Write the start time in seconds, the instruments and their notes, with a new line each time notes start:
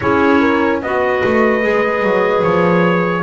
0.00 double bass C#4, clarinet E4, horn G#4, trumpet C#5
0.40 horn A#4
0.82 double bass B3, clarinet F#4, horn B4, trumpet D#5
1.24 double bass A3
1.61 double bass G#3, clarinet G#4
2.02 double bass F#3
2.43 double bass F3, trumpet C#5